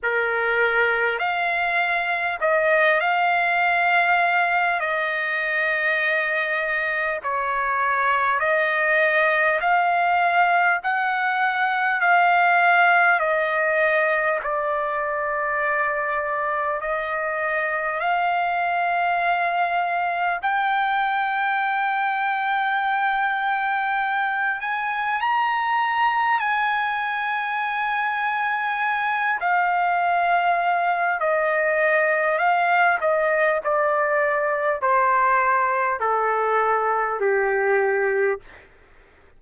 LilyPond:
\new Staff \with { instrumentName = "trumpet" } { \time 4/4 \tempo 4 = 50 ais'4 f''4 dis''8 f''4. | dis''2 cis''4 dis''4 | f''4 fis''4 f''4 dis''4 | d''2 dis''4 f''4~ |
f''4 g''2.~ | g''8 gis''8 ais''4 gis''2~ | gis''8 f''4. dis''4 f''8 dis''8 | d''4 c''4 a'4 g'4 | }